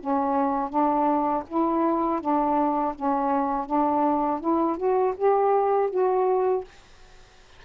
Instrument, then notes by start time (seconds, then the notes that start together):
saxophone
0.00 C#4
0.69 D4
1.48 E4
2.21 D4
2.95 C#4
3.66 D4
4.40 E4
4.77 F#4
5.17 G4
5.90 F#4